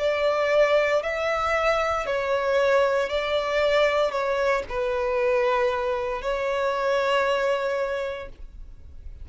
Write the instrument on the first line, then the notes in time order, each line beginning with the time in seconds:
violin
0.00 D5
1.03 E5
2.06 C#5
3.09 D5
4.11 C#5
4.69 B4
6.22 C#5